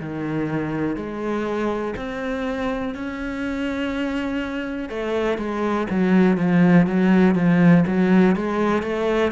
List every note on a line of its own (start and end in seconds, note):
0.00 0.96 D#3
0.96 1.94 G#3
1.96 2.95 C4
2.95 4.89 C#4
4.89 5.37 A3
5.37 5.87 G#3
5.90 6.37 F#3
6.37 6.86 F3
6.87 7.35 F#3
7.35 7.84 F3
7.87 8.36 F#3
8.36 8.83 G#3
8.83 9.32 A3